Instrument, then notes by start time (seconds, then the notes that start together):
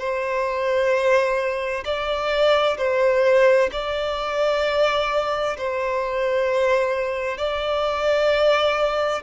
violin
0.00 C5
1.85 D5
2.78 C5
3.73 D5
5.58 C5
7.38 D5